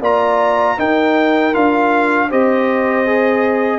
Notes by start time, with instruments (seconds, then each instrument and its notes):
0.00 tuba A#3, trombone F4, horn D5, trumpet A#5
0.77 trombone D#4, tuba D#4, horn A#4, trumpet G5
1.53 tuba D4, trombone F4, trumpet F5
2.30 tuba C4, trombone G4, horn C5, trumpet D#5
3.06 trombone G#4